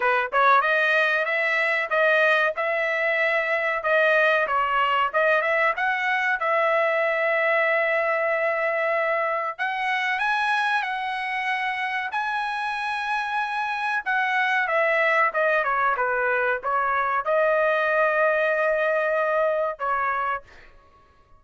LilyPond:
\new Staff \with { instrumentName = "trumpet" } { \time 4/4 \tempo 4 = 94 b'8 cis''8 dis''4 e''4 dis''4 | e''2 dis''4 cis''4 | dis''8 e''8 fis''4 e''2~ | e''2. fis''4 |
gis''4 fis''2 gis''4~ | gis''2 fis''4 e''4 | dis''8 cis''8 b'4 cis''4 dis''4~ | dis''2. cis''4 | }